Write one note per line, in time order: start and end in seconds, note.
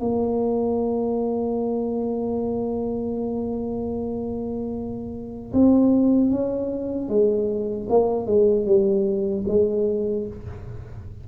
0.00 5.53 A#3
5.53 6.31 C4
6.31 7.09 C#4
7.09 7.88 G#3
7.89 8.26 A#3
8.26 8.66 G#3
8.66 9.45 G3
9.48 10.27 G#3